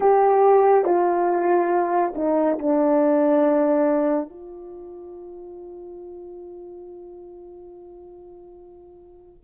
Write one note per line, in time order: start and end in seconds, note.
0.00 0.85 G4
0.85 2.13 F4
2.15 2.58 D#4
2.58 4.29 D4
4.29 9.43 F4